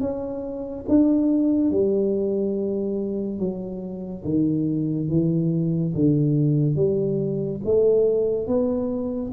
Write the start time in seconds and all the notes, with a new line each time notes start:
0.00 C#4
0.88 D4
1.70 G3
3.38 F#3
4.24 D#3
5.09 E3
5.95 D3
6.75 G3
7.64 A3
8.47 B3